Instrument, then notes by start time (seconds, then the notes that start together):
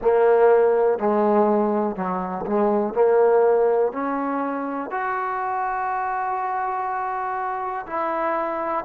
trombone
0.01 A#3
0.98 G#3
1.95 F#3
2.46 G#3
2.93 A#3
3.92 C#4
4.90 F#4
7.86 E4